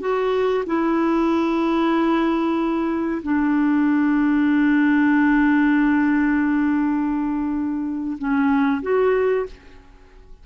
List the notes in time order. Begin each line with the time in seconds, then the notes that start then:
0.00 F#4
0.66 E4
3.23 D4
8.18 C#4
8.82 F#4